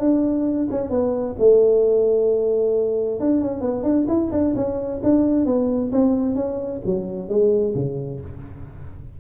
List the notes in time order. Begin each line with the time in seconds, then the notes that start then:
0.00 D4
0.71 C#4
0.90 B3
1.39 A3
3.21 D4
3.42 C#4
3.61 B3
3.84 D4
4.09 E4
4.32 D4
4.56 C#4
5.04 D4
5.46 B3
5.92 C4
6.36 C#4
6.86 F#3
7.29 G#3
7.75 C#3